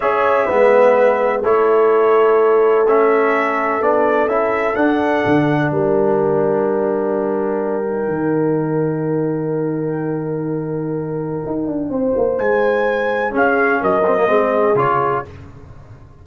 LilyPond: <<
  \new Staff \with { instrumentName = "trumpet" } { \time 4/4 \tempo 4 = 126 e''2. cis''4~ | cis''2 e''2 | d''4 e''4 fis''2 | g''1~ |
g''1~ | g''1~ | g''2 gis''2 | f''4 dis''2 cis''4 | }
  \new Staff \with { instrumentName = "horn" } { \time 4/4 cis''4 b'2 a'4~ | a'1~ | a'1 | ais'1~ |
ais'1~ | ais'1~ | ais'4 c''2. | gis'4 ais'4 gis'2 | }
  \new Staff \with { instrumentName = "trombone" } { \time 4/4 gis'4 b2 e'4~ | e'2 cis'2 | d'4 e'4 d'2~ | d'1~ |
d'8 dis'2.~ dis'8~ | dis'1~ | dis'1 | cis'4. c'16 ais16 c'4 f'4 | }
  \new Staff \with { instrumentName = "tuba" } { \time 4/4 cis'4 gis2 a4~ | a1 | b4 cis'4 d'4 d4 | g1~ |
g4 dis2.~ | dis1 | dis'8 d'8 c'8 ais8 gis2 | cis'4 fis4 gis4 cis4 | }
>>